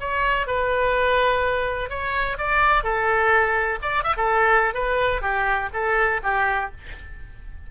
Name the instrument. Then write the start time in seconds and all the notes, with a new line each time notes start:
oboe
0.00 C#5
0.47 B4
1.90 C#5
2.38 D5
2.84 A4
3.82 D5
4.03 E5
4.17 A4
4.74 B4
5.22 G4
5.73 A4
6.23 G4